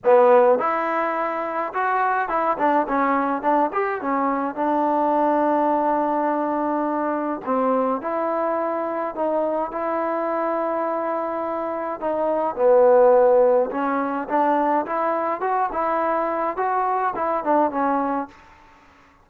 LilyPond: \new Staff \with { instrumentName = "trombone" } { \time 4/4 \tempo 4 = 105 b4 e'2 fis'4 | e'8 d'8 cis'4 d'8 g'8 cis'4 | d'1~ | d'4 c'4 e'2 |
dis'4 e'2.~ | e'4 dis'4 b2 | cis'4 d'4 e'4 fis'8 e'8~ | e'4 fis'4 e'8 d'8 cis'4 | }